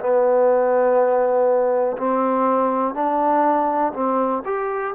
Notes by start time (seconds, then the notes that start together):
0.00 B3
1.97 C4
2.94 D4
3.94 C4
4.45 G4